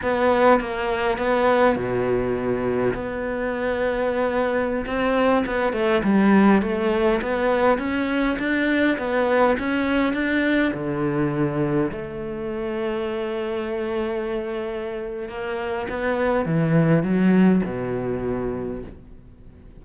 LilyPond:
\new Staff \with { instrumentName = "cello" } { \time 4/4 \tempo 4 = 102 b4 ais4 b4 b,4~ | b,4 b2.~ | b16 c'4 b8 a8 g4 a8.~ | a16 b4 cis'4 d'4 b8.~ |
b16 cis'4 d'4 d4.~ d16~ | d16 a2.~ a8.~ | a2 ais4 b4 | e4 fis4 b,2 | }